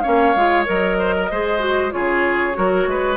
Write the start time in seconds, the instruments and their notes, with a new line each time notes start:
0.00 clarinet C#4, oboe C#5, flute F5
0.06 bassoon A#3
0.35 bassoon G#3, clarinet F4
0.65 bassoon F#3, clarinet A#4, flute D#5
0.99 oboe C5
1.16 oboe A#4
1.30 bassoon G#3, clarinet G#4, oboe C5
1.59 clarinet F#4
1.91 bassoon C#3, clarinet F4, oboe G#4, flute C#5
2.53 bassoon F#3, clarinet F#4, oboe A#4
2.87 bassoon G#3, oboe B4